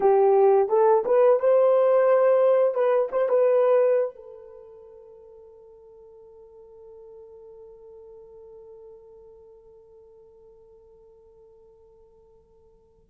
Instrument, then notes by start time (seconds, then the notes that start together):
horn
0.00 G4
0.69 A4
1.05 B4
1.39 C5
2.74 B4
3.11 C5
3.29 B4
4.15 A4